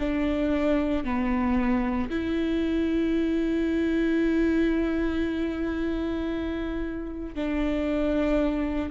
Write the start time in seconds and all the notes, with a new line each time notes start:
0.00 D4
1.04 B3
2.10 E4
7.35 D4